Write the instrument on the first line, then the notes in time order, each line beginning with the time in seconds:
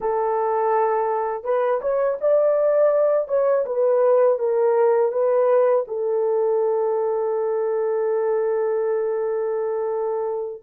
horn
0.00 A4
1.43 B4
1.81 C#5
2.21 D5
3.28 C#5
3.66 B4
4.38 A#4
5.12 B4
5.87 A4